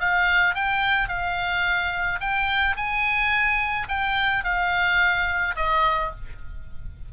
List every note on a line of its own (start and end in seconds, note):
0.00 0.55 F5
0.55 1.09 G5
1.09 2.20 F5
2.20 2.76 G5
2.77 3.88 G#5
3.88 4.44 G5
4.44 5.55 F5
5.56 6.11 D#5